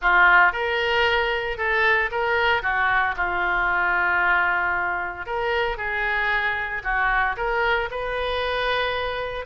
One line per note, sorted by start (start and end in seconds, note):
0.01 0.52 F4
0.52 1.57 A#4
1.57 2.10 A4
2.11 2.62 A#4
2.62 3.15 F#4
3.16 5.26 F4
5.26 5.77 A#4
5.77 6.82 G#4
6.83 7.36 F#4
7.36 7.89 A#4
7.91 9.45 B4